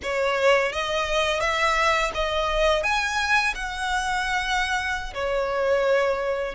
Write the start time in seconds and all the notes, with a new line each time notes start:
0.02 C#5
0.72 D#5
1.40 E5
2.14 D#5
2.83 G#5
3.55 F#5
5.13 C#5